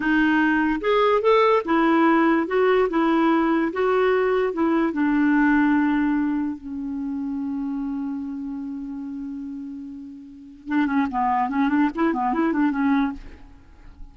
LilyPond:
\new Staff \with { instrumentName = "clarinet" } { \time 4/4 \tempo 4 = 146 dis'2 gis'4 a'4 | e'2 fis'4 e'4~ | e'4 fis'2 e'4 | d'1 |
cis'1~ | cis'1~ | cis'2 d'8 cis'8 b4 | cis'8 d'8 e'8 b8 e'8 d'8 cis'4 | }